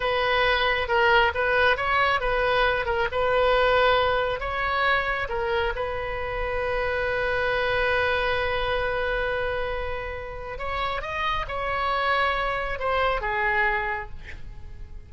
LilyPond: \new Staff \with { instrumentName = "oboe" } { \time 4/4 \tempo 4 = 136 b'2 ais'4 b'4 | cis''4 b'4. ais'8 b'4~ | b'2 cis''2 | ais'4 b'2.~ |
b'1~ | b'1 | cis''4 dis''4 cis''2~ | cis''4 c''4 gis'2 | }